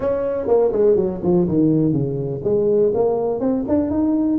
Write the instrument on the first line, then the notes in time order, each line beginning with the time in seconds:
tuba
0.00 C#4
0.47 A#3
0.72 G#3
0.96 F#3
1.23 F3
1.48 D#3
1.92 C#3
2.43 G#3
2.94 A#3
3.40 C4
3.67 D4
3.90 D#4